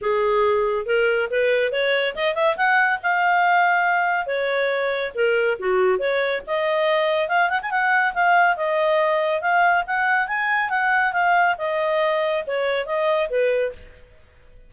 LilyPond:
\new Staff \with { instrumentName = "clarinet" } { \time 4/4 \tempo 4 = 140 gis'2 ais'4 b'4 | cis''4 dis''8 e''8 fis''4 f''4~ | f''2 cis''2 | ais'4 fis'4 cis''4 dis''4~ |
dis''4 f''8 fis''16 gis''16 fis''4 f''4 | dis''2 f''4 fis''4 | gis''4 fis''4 f''4 dis''4~ | dis''4 cis''4 dis''4 b'4 | }